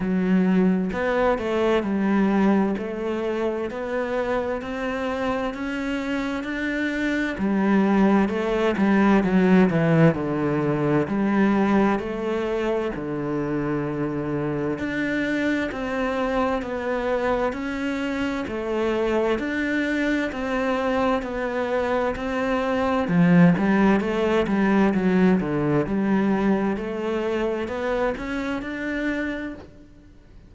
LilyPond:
\new Staff \with { instrumentName = "cello" } { \time 4/4 \tempo 4 = 65 fis4 b8 a8 g4 a4 | b4 c'4 cis'4 d'4 | g4 a8 g8 fis8 e8 d4 | g4 a4 d2 |
d'4 c'4 b4 cis'4 | a4 d'4 c'4 b4 | c'4 f8 g8 a8 g8 fis8 d8 | g4 a4 b8 cis'8 d'4 | }